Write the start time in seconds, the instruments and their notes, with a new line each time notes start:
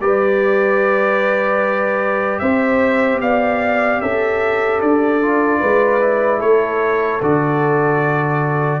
0.00 tuba G3, trombone G4, horn B4, trumpet D5
2.39 tuba C4, horn C5, trumpet E5
3.20 tuba B3, horn D5, trumpet F5
4.01 tuba C#4, horn A4, trumpet E5
4.81 tuba D4, trumpet D5
5.21 trombone F4
5.60 tuba G#3, horn B4
6.00 trombone E4
6.39 tuba A3, horn A4, trumpet C#5
7.21 tuba D3, trombone F#4, trumpet D5